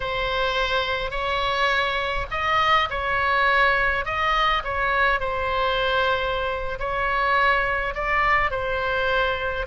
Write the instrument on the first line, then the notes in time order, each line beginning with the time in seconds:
oboe
0.00 C5
1.11 C#5
2.31 D#5
2.90 C#5
4.05 D#5
4.63 C#5
5.20 C5
6.79 C#5
7.94 D5
8.50 C5